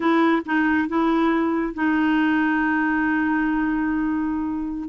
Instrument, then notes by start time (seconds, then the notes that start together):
clarinet
0.00 E4
0.45 D#4
0.88 E4
1.74 D#4